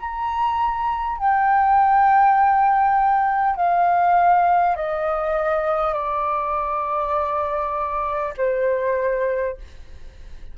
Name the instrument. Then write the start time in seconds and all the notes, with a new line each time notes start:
flute
0.00 A#5
1.18 G5
3.57 F5
4.76 D#5
5.94 D5
8.37 C5